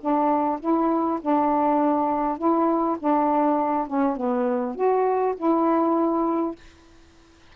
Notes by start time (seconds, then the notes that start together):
0.00 D4
0.60 E4
1.21 D4
2.38 E4
2.99 D4
3.87 C#4
4.16 B3
4.75 F#4
5.37 E4